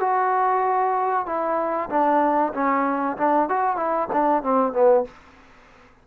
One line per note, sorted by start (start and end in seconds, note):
0.00 1.26 F#4
1.26 1.89 E4
1.89 2.53 D4
2.53 3.16 C#4
3.17 3.49 D4
3.49 3.76 F#4
3.76 4.08 E4
4.12 4.43 D4
4.43 4.73 C4
4.73 5.04 B3